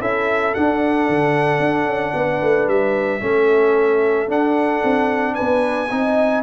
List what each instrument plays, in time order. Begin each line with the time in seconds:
0.00 tuba C#4, trombone E4, horn A4, trumpet E5
0.54 trombone D4, tuba D4, trumpet F#5
1.08 tuba D3
1.59 tuba D4
1.85 tuba C#4
2.14 tuba B3, horn B4
2.42 tuba A3
2.67 tuba G3, trumpet E5
3.20 tuba A3, trombone C#4, horn A4
4.27 trombone D4, tuba D4, trumpet F#5
4.83 tuba C4
5.34 tuba B3, horn B4, trumpet G#5
5.90 tuba C4, trombone D#4, horn D#5